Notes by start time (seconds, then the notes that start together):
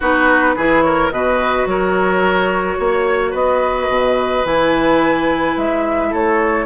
0.00 B3 D#4 F#4 B4
0.56 E3 E4 G#4
0.82 A#4 C#5
1.11 B2 F#4 B4 D#5
1.66 F#3 A#4 C#5
2.78 A#3 C#5
3.30 B3 B4 D#5
3.88 B2
4.44 E3 E4 G#5
5.56 G#3 E5
6.10 A3 A4 C#5